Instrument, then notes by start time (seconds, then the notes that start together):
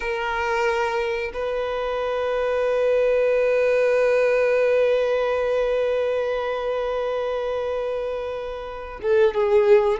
violin
0.00 A#4
1.33 B4
9.02 A4
9.34 G#4